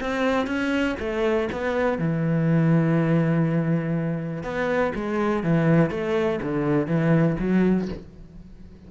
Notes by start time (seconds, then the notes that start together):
0.00 C4
0.47 C#4
0.99 A3
1.52 B3
1.98 E3
4.43 B3
4.95 G#3
5.43 E3
5.90 A3
6.42 D3
6.87 E3
7.39 F#3